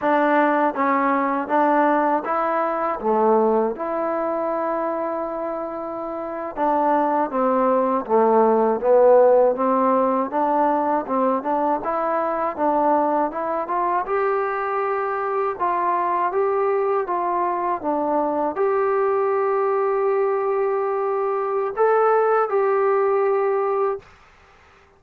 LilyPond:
\new Staff \with { instrumentName = "trombone" } { \time 4/4 \tempo 4 = 80 d'4 cis'4 d'4 e'4 | a4 e'2.~ | e'8. d'4 c'4 a4 b16~ | b8. c'4 d'4 c'8 d'8 e'16~ |
e'8. d'4 e'8 f'8 g'4~ g'16~ | g'8. f'4 g'4 f'4 d'16~ | d'8. g'2.~ g'16~ | g'4 a'4 g'2 | }